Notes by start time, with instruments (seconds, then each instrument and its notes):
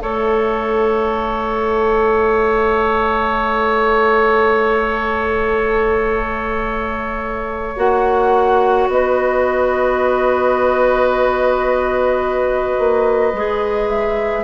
0.00 bassoon A3, clarinet A4, oboe C#5, flute E5
7.77 bassoon A#3, clarinet F#4, flute F#5
8.87 bassoon B3, oboe B4, flute D#5
12.78 bassoon A#3
13.33 bassoon G#3, clarinet G#4
13.89 flute E5